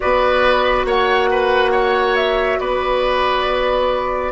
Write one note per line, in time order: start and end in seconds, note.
0.00 0.84 B3
0.00 4.31 F#4
0.00 0.86 B4
0.00 0.85 D5
0.84 2.58 A#3
0.84 1.29 C#5
0.84 2.16 F#5
1.30 1.71 B4
1.71 2.58 C#5
2.16 2.59 E5
2.59 4.31 B3
2.59 4.31 B4
2.59 4.31 D5